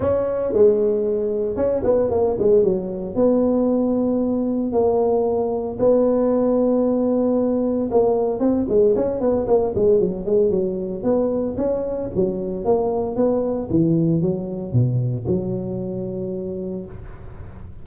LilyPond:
\new Staff \with { instrumentName = "tuba" } { \time 4/4 \tempo 4 = 114 cis'4 gis2 cis'8 b8 | ais8 gis8 fis4 b2~ | b4 ais2 b4~ | b2. ais4 |
c'8 gis8 cis'8 b8 ais8 gis8 fis8 gis8 | fis4 b4 cis'4 fis4 | ais4 b4 e4 fis4 | b,4 fis2. | }